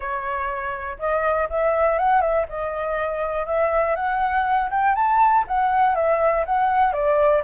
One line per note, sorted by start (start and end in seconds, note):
0.00 0.97 C#5
0.98 1.48 D#5
1.49 1.98 E5
1.98 2.21 F#5
2.21 2.45 E5
2.48 3.46 D#5
3.46 3.95 E5
3.95 4.69 F#5
4.70 4.95 G5
4.95 5.44 A5
5.47 5.95 F#5
5.95 6.45 E5
6.45 6.92 F#5
6.92 7.42 D5